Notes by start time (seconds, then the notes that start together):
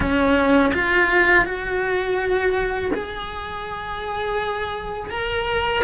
0.00 C#4
0.74 F4
1.44 F#4
2.94 G#4
5.10 A#4